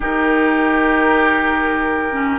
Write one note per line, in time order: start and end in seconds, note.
0.00 2.38 D#3
0.00 2.10 D#4
0.00 2.38 G4
0.00 2.38 A#4
2.10 2.38 C#4